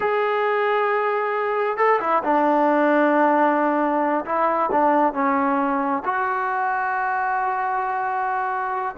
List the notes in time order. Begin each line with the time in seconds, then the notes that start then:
0.00 G#4
1.77 A4
2.00 E4
2.23 D4
4.25 E4
4.71 D4
5.13 C#4
6.04 F#4